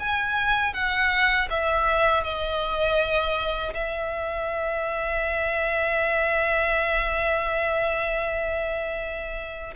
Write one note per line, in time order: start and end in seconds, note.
0.00 0.74 G#5
0.74 1.49 F#5
1.50 2.24 E5
2.24 3.74 D#5
3.74 9.74 E5